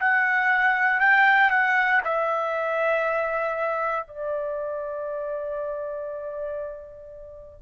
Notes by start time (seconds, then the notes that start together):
0.00 F#5
1.00 G5
1.51 F#5
2.04 E5
4.07 D5